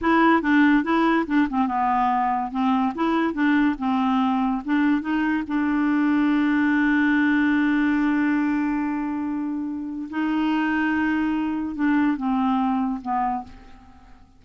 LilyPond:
\new Staff \with { instrumentName = "clarinet" } { \time 4/4 \tempo 4 = 143 e'4 d'4 e'4 d'8 c'8 | b2 c'4 e'4 | d'4 c'2 d'4 | dis'4 d'2.~ |
d'1~ | d'1 | dis'1 | d'4 c'2 b4 | }